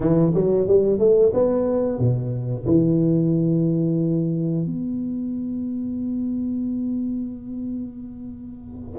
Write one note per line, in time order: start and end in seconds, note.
0.00 0.33 E3
0.34 0.67 F#3
0.67 0.98 G3
0.98 1.32 A3
1.33 1.98 B3
1.98 2.65 B2
2.65 4.65 E3
4.65 8.98 B3